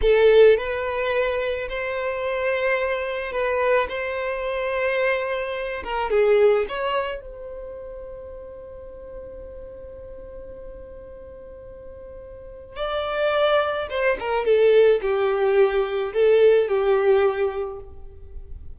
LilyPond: \new Staff \with { instrumentName = "violin" } { \time 4/4 \tempo 4 = 108 a'4 b'2 c''4~ | c''2 b'4 c''4~ | c''2~ c''8 ais'8 gis'4 | cis''4 c''2.~ |
c''1~ | c''2. d''4~ | d''4 c''8 ais'8 a'4 g'4~ | g'4 a'4 g'2 | }